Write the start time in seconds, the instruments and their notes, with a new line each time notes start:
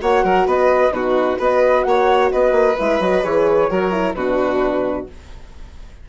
0.00 bassoon A#3, horn F#4, violin C#5, flute F#5
0.24 bassoon F#3, violin A#4
0.46 bassoon B3, violin B4, flute D#5
0.91 bassoon B2, horn D#4, violin F#4, flute B4
1.37 bassoon B3, horn F#4, violin B4, flute D#5
1.83 bassoon A#3, violin C#5, flute F#5
2.31 bassoon B3, violin B4, flute D#5
2.52 bassoon A#3
2.78 bassoon G#3, horn E4, flute E5
3.00 bassoon F#3, horn F#4, flute D#5
3.23 bassoon E3, horn G#4, flute C#5
3.69 bassoon F#3, horn F#4, violin A#4
3.92 horn E4
4.14 bassoon B2, horn D4, violin F#4, flute B4